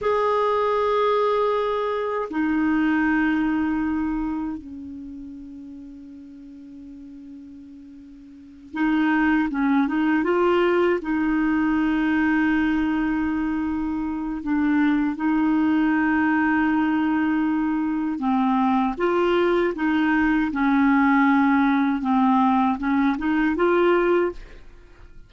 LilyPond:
\new Staff \with { instrumentName = "clarinet" } { \time 4/4 \tempo 4 = 79 gis'2. dis'4~ | dis'2 cis'2~ | cis'2.~ cis'8 dis'8~ | dis'8 cis'8 dis'8 f'4 dis'4.~ |
dis'2. d'4 | dis'1 | c'4 f'4 dis'4 cis'4~ | cis'4 c'4 cis'8 dis'8 f'4 | }